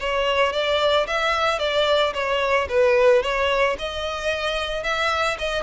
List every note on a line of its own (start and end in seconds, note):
0.00 0.53 C#5
0.53 1.07 D5
1.07 1.59 E5
1.59 2.13 D5
2.14 2.68 C#5
2.69 3.23 B4
3.23 3.77 C#5
3.79 4.83 D#5
4.83 5.37 E5
5.39 5.63 D#5